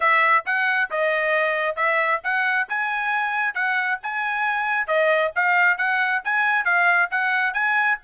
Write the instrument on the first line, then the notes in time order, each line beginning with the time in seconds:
trumpet
0.00 E5
0.45 F#5
0.90 D#5
1.76 E5
2.23 F#5
2.68 G#5
3.54 F#5
4.02 G#5
4.87 D#5
5.35 F5
5.77 F#5
6.24 G#5
6.64 F5
7.10 F#5
7.53 G#5